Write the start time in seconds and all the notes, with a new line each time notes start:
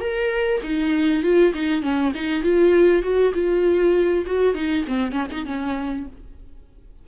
0.00 A#4
0.63 D#4
1.23 F4
1.53 D#4
1.82 C#4
2.14 D#4
2.43 F4
3.02 F#4
3.34 F4
4.26 F#4
4.55 D#4
4.87 C4
5.12 C#4
5.31 D#4
5.46 C#4